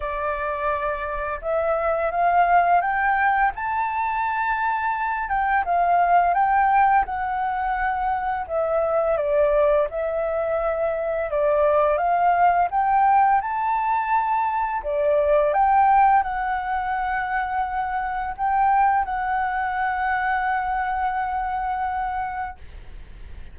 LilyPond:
\new Staff \with { instrumentName = "flute" } { \time 4/4 \tempo 4 = 85 d''2 e''4 f''4 | g''4 a''2~ a''8 g''8 | f''4 g''4 fis''2 | e''4 d''4 e''2 |
d''4 f''4 g''4 a''4~ | a''4 d''4 g''4 fis''4~ | fis''2 g''4 fis''4~ | fis''1 | }